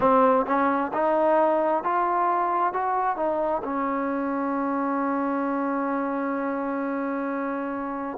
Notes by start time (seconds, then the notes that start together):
0.00 C4
0.45 C#4
0.93 D#4
1.83 F4
2.73 F#4
3.16 D#4
3.63 C#4